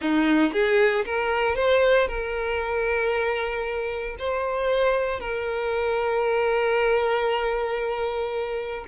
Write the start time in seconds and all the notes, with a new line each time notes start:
0.01 D#4
0.52 G#4
1.05 A#4
1.55 C5
2.07 A#4
4.19 C5
5.19 A#4